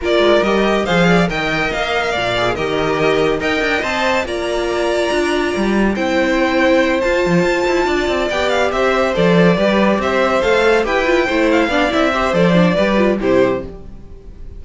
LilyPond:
<<
  \new Staff \with { instrumentName = "violin" } { \time 4/4 \tempo 4 = 141 d''4 dis''4 f''4 g''4 | f''2 dis''2 | g''4 a''4 ais''2~ | ais''2 g''2~ |
g''8 a''2. g''8 | f''8 e''4 d''2 e''8~ | e''8 f''4 g''4. f''4 | e''4 d''2 c''4 | }
  \new Staff \with { instrumentName = "violin" } { \time 4/4 ais'2 c''8 d''8 dis''4~ | dis''4 d''4 ais'2 | dis''2 d''2~ | d''2 c''2~ |
c''2~ c''8 d''4.~ | d''8 c''2 b'4 c''8~ | c''4. b'4 c''4 d''8~ | d''8 c''4. b'4 g'4 | }
  \new Staff \with { instrumentName = "viola" } { \time 4/4 f'4 g'4 gis'4 ais'4~ | ais'4. gis'8 g'2 | ais'4 c''4 f'2~ | f'2 e'2~ |
e'8 f'2. g'8~ | g'4. a'4 g'4.~ | g'8 a'4 g'8 f'8 e'4 d'8 | e'8 g'8 a'8 d'8 g'8 f'8 e'4 | }
  \new Staff \with { instrumentName = "cello" } { \time 4/4 ais8 gis8 g4 f4 dis4 | ais4 ais,4 dis2 | dis'8 d'8 c'4 ais2 | d'4 g4 c'2~ |
c'8 f'8 f8 f'8 e'8 d'8 c'8 b8~ | b8 c'4 f4 g4 c'8~ | c'8 a4 e'4 a4 b8 | c'4 f4 g4 c4 | }
>>